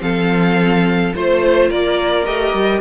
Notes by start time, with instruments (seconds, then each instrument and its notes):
0.00 cello F3, viola C4, violin A4 F5
1.15 cello A3, viola F4, violin C5
1.69 cello A#3, violin A#4 D5
2.25 cello A3, viola G4, violin D#5
2.54 cello G3